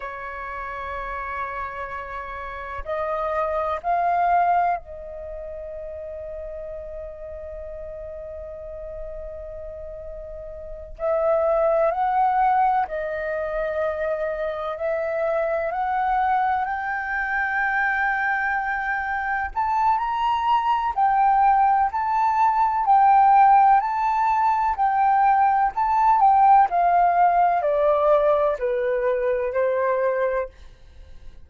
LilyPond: \new Staff \with { instrumentName = "flute" } { \time 4/4 \tempo 4 = 63 cis''2. dis''4 | f''4 dis''2.~ | dis''2.~ dis''8 e''8~ | e''8 fis''4 dis''2 e''8~ |
e''8 fis''4 g''2~ g''8~ | g''8 a''8 ais''4 g''4 a''4 | g''4 a''4 g''4 a''8 g''8 | f''4 d''4 b'4 c''4 | }